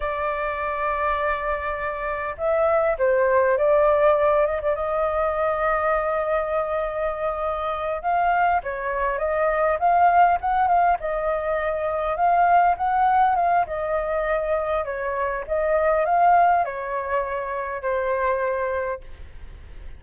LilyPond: \new Staff \with { instrumentName = "flute" } { \time 4/4 \tempo 4 = 101 d''1 | e''4 c''4 d''4. dis''16 d''16 | dis''1~ | dis''4. f''4 cis''4 dis''8~ |
dis''8 f''4 fis''8 f''8 dis''4.~ | dis''8 f''4 fis''4 f''8 dis''4~ | dis''4 cis''4 dis''4 f''4 | cis''2 c''2 | }